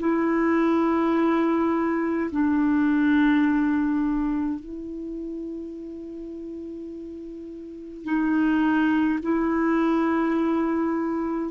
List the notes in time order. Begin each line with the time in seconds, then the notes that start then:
0.00 E4
2.32 D4
4.60 E4
8.04 D#4
9.23 E4